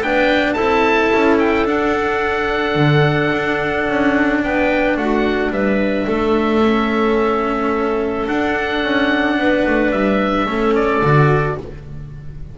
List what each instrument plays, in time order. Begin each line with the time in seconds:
0.00 double bass B3, cello D4, clarinet B4, oboe G5
0.53 double bass C4, cello E4, clarinet A4, oboe A5
1.13 double bass C#4
1.40 oboe G5
1.66 cello D4, double bass D4, oboe F#5
2.75 double bass D3
3.33 double bass D4
3.89 double bass C#4
4.43 double bass B3, clarinet B4, oboe G5
4.97 double bass A3, clarinet F#4, oboe F#5
5.51 double bass G3, clarinet B4, oboe E5
6.07 double bass A3, clarinet A4
6.63 cello C#4
8.28 cello D4, double bass D4, oboe F#5
8.84 double bass C#4
9.38 double bass B3, clarinet B4
9.67 double bass A3
9.92 double bass G3, oboe E5
10.46 double bass A3, cello C#4, clarinet A4
10.75 oboe D5
11.02 double bass D3, cello F#4